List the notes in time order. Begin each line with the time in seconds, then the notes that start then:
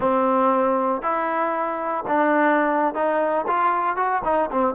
0.00 C4
1.02 E4
2.07 D4
2.94 D#4
3.47 F4
3.96 F#4
4.24 D#4
4.51 C4